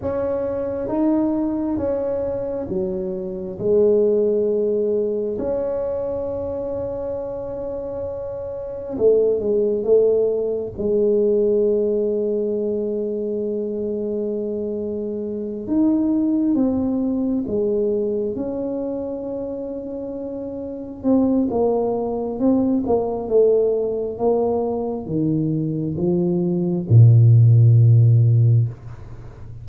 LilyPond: \new Staff \with { instrumentName = "tuba" } { \time 4/4 \tempo 4 = 67 cis'4 dis'4 cis'4 fis4 | gis2 cis'2~ | cis'2 a8 gis8 a4 | gis1~ |
gis4. dis'4 c'4 gis8~ | gis8 cis'2. c'8 | ais4 c'8 ais8 a4 ais4 | dis4 f4 ais,2 | }